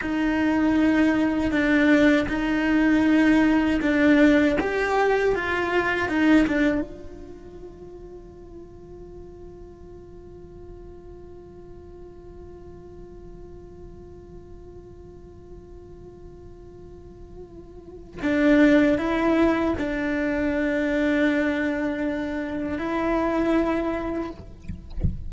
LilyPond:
\new Staff \with { instrumentName = "cello" } { \time 4/4 \tempo 4 = 79 dis'2 d'4 dis'4~ | dis'4 d'4 g'4 f'4 | dis'8 d'8 f'2.~ | f'1~ |
f'1~ | f'1 | d'4 e'4 d'2~ | d'2 e'2 | }